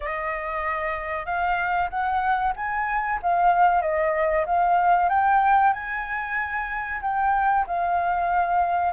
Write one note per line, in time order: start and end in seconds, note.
0.00 1.25 D#5
1.25 1.89 F5
1.89 2.53 F#5
2.56 3.19 G#5
3.22 3.81 F5
3.81 4.45 D#5
4.45 5.09 F5
5.09 5.73 G5
5.73 7.00 G#5
7.01 7.65 G5
7.66 8.92 F5